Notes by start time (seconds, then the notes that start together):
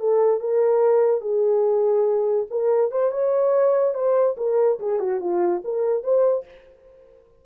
0.00 A4
0.41 A#4
1.21 G#4
2.50 A#4
2.91 C5
3.12 C#5
3.94 C5
4.37 A#4
4.79 G#4
4.99 F#4
5.20 F4
5.64 A#4
6.03 C5